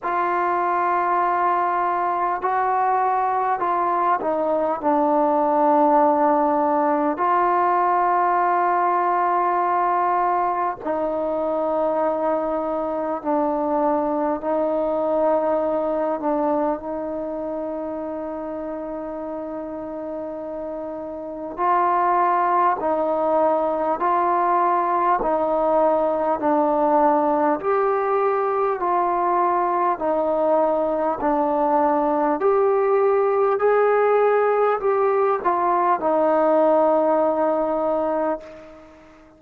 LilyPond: \new Staff \with { instrumentName = "trombone" } { \time 4/4 \tempo 4 = 50 f'2 fis'4 f'8 dis'8 | d'2 f'2~ | f'4 dis'2 d'4 | dis'4. d'8 dis'2~ |
dis'2 f'4 dis'4 | f'4 dis'4 d'4 g'4 | f'4 dis'4 d'4 g'4 | gis'4 g'8 f'8 dis'2 | }